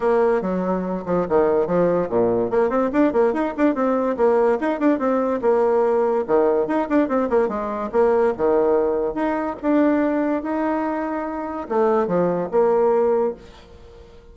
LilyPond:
\new Staff \with { instrumentName = "bassoon" } { \time 4/4 \tempo 4 = 144 ais4 fis4. f8 dis4 | f4 ais,4 ais8 c'8 d'8 ais8 | dis'8 d'8 c'4 ais4 dis'8 d'8 | c'4 ais2 dis4 |
dis'8 d'8 c'8 ais8 gis4 ais4 | dis2 dis'4 d'4~ | d'4 dis'2. | a4 f4 ais2 | }